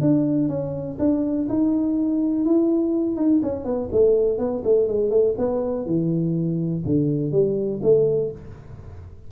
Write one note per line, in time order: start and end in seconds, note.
0.00 0.48 D4
0.48 0.97 C#4
0.99 1.47 D4
1.48 2.45 D#4
2.45 3.16 E4
3.16 3.40 D#4
3.42 3.64 C#4
3.64 3.88 B3
3.91 4.38 A3
4.38 4.62 B3
4.64 4.87 A3
4.87 5.10 G#3
5.10 5.34 A3
5.37 5.85 B3
5.85 6.83 E3
6.85 7.31 D3
7.31 7.80 G3
7.82 8.31 A3